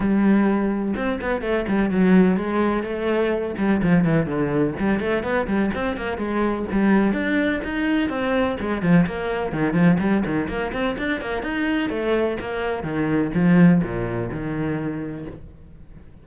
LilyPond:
\new Staff \with { instrumentName = "cello" } { \time 4/4 \tempo 4 = 126 g2 c'8 b8 a8 g8 | fis4 gis4 a4. g8 | f8 e8 d4 g8 a8 b8 g8 | c'8 ais8 gis4 g4 d'4 |
dis'4 c'4 gis8 f8 ais4 | dis8 f8 g8 dis8 ais8 c'8 d'8 ais8 | dis'4 a4 ais4 dis4 | f4 ais,4 dis2 | }